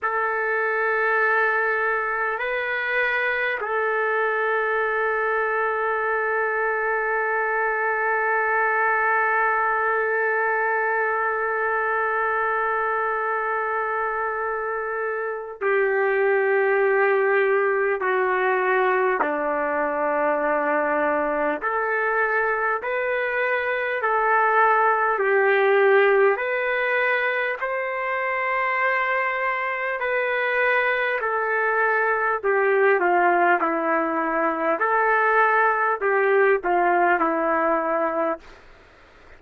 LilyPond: \new Staff \with { instrumentName = "trumpet" } { \time 4/4 \tempo 4 = 50 a'2 b'4 a'4~ | a'1~ | a'1~ | a'4 g'2 fis'4 |
d'2 a'4 b'4 | a'4 g'4 b'4 c''4~ | c''4 b'4 a'4 g'8 f'8 | e'4 a'4 g'8 f'8 e'4 | }